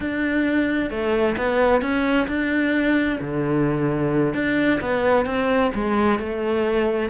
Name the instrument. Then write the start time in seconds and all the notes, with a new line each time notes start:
cello
0.00 D4
0.90 A3
1.37 B3
1.81 C#4
2.27 D4
3.20 D3
4.34 D4
4.80 B3
5.25 C4
5.74 G#3
6.19 A3